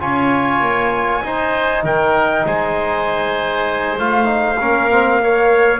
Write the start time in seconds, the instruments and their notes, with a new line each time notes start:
0.00 double bass C#4, trombone F4, oboe C#5, trumpet G#5
0.60 double bass A#3
1.23 trombone D#4, double bass D#4, oboe C5
1.83 double bass D#3, oboe A#4, trumpet G5
2.46 double bass G#3, oboe C5, trumpet G#5
3.98 double bass A3, trombone F4, trumpet F5
4.25 trombone D#4
4.60 double bass A#3, trombone C#4, oboe A#4
4.90 trombone C4
5.21 trombone A#3, oboe C#5